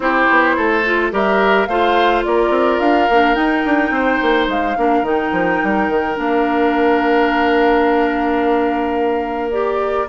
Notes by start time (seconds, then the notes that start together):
0.00 C4 E4 G4 C5
0.29 B3
0.56 A3 A4
0.84 F4
1.11 G3 G4 A#4 E5
1.66 A3 F4 C5 F5
2.24 A#3 A#4 D5
2.50 C4
2.79 D4 F5
3.09 A#3 D4
3.34 D#4 G5
3.64 D4
3.90 C4 C5
4.21 A#3
4.47 G#3 F5
4.76 A#3 D4 A#4
5.02 D#3 D#4 G5
5.31 F3
5.63 G3
5.88 D#3
6.14 A#3 D4 F5
9.51 G4 D5